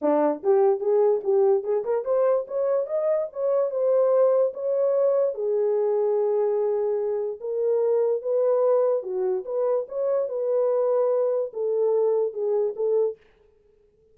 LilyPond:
\new Staff \with { instrumentName = "horn" } { \time 4/4 \tempo 4 = 146 d'4 g'4 gis'4 g'4 | gis'8 ais'8 c''4 cis''4 dis''4 | cis''4 c''2 cis''4~ | cis''4 gis'2.~ |
gis'2 ais'2 | b'2 fis'4 b'4 | cis''4 b'2. | a'2 gis'4 a'4 | }